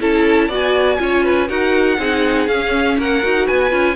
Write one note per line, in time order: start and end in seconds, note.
0.00 0.49 C#4
0.00 0.50 E4
0.00 0.48 A4
0.00 0.51 A5
0.48 0.98 B3
0.48 0.98 F#4
0.48 0.98 D5
0.55 1.49 G#5
0.98 1.49 C#4
0.98 1.48 F4
0.98 1.24 C#5
1.24 1.48 B4
1.48 1.98 D#4
1.48 1.98 F#4
1.48 1.98 A#4
1.48 2.47 F#5
1.98 2.47 C4
1.98 2.48 D#4
1.98 2.98 G#4
2.47 2.97 C#4
2.47 3.22 C#4
2.47 2.97 F5
2.98 3.23 A#3
2.98 3.47 A#4
2.98 3.47 F#5
3.22 3.49 D#4
3.22 3.70 F#4
3.47 3.72 B3
3.47 3.96 B4
3.47 3.96 G#5
3.70 3.96 C#4
3.70 3.95 F4